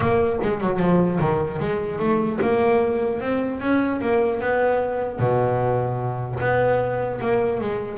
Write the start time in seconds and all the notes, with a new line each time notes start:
0.00 A#3
0.42 G#3
0.60 F#3
0.79 F3
1.19 D#3
1.59 G#3
1.98 A3
2.41 A#3
3.20 C4
3.60 C#4
4.01 A#3
4.40 B3
5.19 B2
6.40 B3
7.21 A#3
7.60 G#3